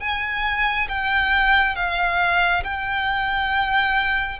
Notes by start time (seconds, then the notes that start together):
0.00 G#5
0.89 G5
1.76 F5
2.64 G5